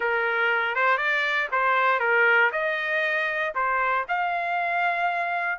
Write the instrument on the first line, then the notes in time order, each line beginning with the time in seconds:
trumpet
0.00 A#4
0.75 C5
0.97 D5
1.51 C5
1.99 A#4
2.52 D#5
3.54 C5
4.08 F5